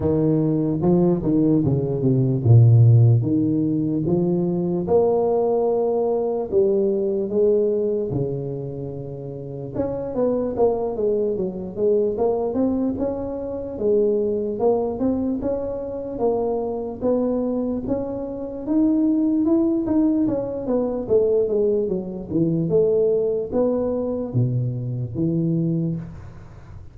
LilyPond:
\new Staff \with { instrumentName = "tuba" } { \time 4/4 \tempo 4 = 74 dis4 f8 dis8 cis8 c8 ais,4 | dis4 f4 ais2 | g4 gis4 cis2 | cis'8 b8 ais8 gis8 fis8 gis8 ais8 c'8 |
cis'4 gis4 ais8 c'8 cis'4 | ais4 b4 cis'4 dis'4 | e'8 dis'8 cis'8 b8 a8 gis8 fis8 e8 | a4 b4 b,4 e4 | }